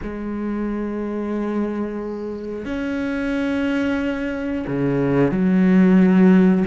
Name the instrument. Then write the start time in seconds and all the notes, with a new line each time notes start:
cello
0.02 G#3
2.65 C#4
4.67 C#3
5.31 F#3